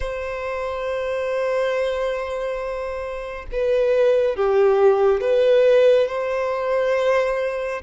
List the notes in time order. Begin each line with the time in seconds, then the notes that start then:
0.00 C5
3.51 B4
4.36 G4
5.21 B4
6.08 C5